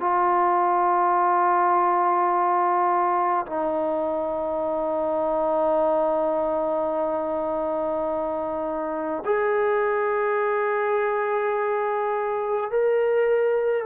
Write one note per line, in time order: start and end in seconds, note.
0.00 3.46 F4
3.47 9.24 D#4
9.25 12.71 G#4
12.71 13.86 A#4